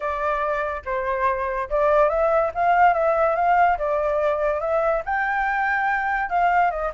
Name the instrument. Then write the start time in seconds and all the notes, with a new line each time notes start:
flute
0.00 D5
0.85 C5
1.69 D5
2.09 E5
2.54 F5
2.93 E5
3.35 F5
3.78 D5
4.60 E5
5.05 G5
6.29 F5
6.70 D#5